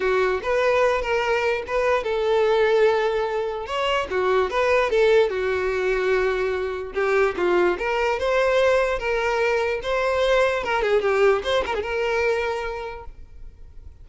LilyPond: \new Staff \with { instrumentName = "violin" } { \time 4/4 \tempo 4 = 147 fis'4 b'4. ais'4. | b'4 a'2.~ | a'4 cis''4 fis'4 b'4 | a'4 fis'2.~ |
fis'4 g'4 f'4 ais'4 | c''2 ais'2 | c''2 ais'8 gis'8 g'4 | c''8 ais'16 gis'16 ais'2. | }